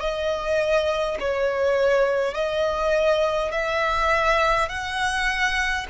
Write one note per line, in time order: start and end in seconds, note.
0.00 1.18 D#5
1.19 2.34 C#5
2.34 3.51 D#5
3.51 4.68 E5
4.68 5.86 F#5